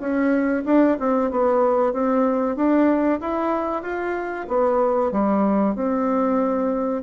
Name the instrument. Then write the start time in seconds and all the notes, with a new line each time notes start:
bassoon
0.00 C#4
0.66 D4
1.00 C4
1.31 B3
1.93 C4
2.56 D4
3.21 E4
3.83 F4
4.48 B3
5.12 G3
5.75 C4